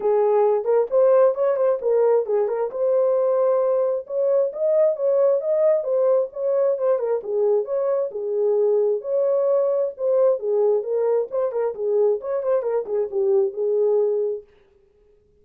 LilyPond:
\new Staff \with { instrumentName = "horn" } { \time 4/4 \tempo 4 = 133 gis'4. ais'8 c''4 cis''8 c''8 | ais'4 gis'8 ais'8 c''2~ | c''4 cis''4 dis''4 cis''4 | dis''4 c''4 cis''4 c''8 ais'8 |
gis'4 cis''4 gis'2 | cis''2 c''4 gis'4 | ais'4 c''8 ais'8 gis'4 cis''8 c''8 | ais'8 gis'8 g'4 gis'2 | }